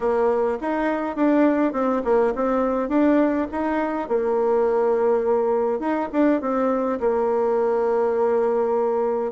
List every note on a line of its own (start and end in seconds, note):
0.00 0.58 A#3
0.60 1.16 D#4
1.16 1.72 D4
1.72 2.02 C4
2.04 2.33 A#3
2.35 2.89 C4
2.89 3.47 D4
3.51 4.08 D#4
4.08 5.79 A#3
5.79 6.08 D#4
6.12 6.41 D4
6.41 6.99 C4
7.00 9.32 A#3